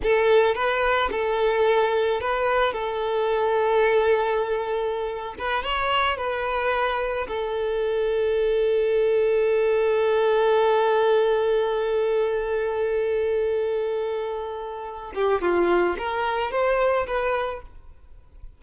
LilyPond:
\new Staff \with { instrumentName = "violin" } { \time 4/4 \tempo 4 = 109 a'4 b'4 a'2 | b'4 a'2.~ | a'4.~ a'16 b'8 cis''4 b'8.~ | b'4~ b'16 a'2~ a'8.~ |
a'1~ | a'1~ | a'2.~ a'8 g'8 | f'4 ais'4 c''4 b'4 | }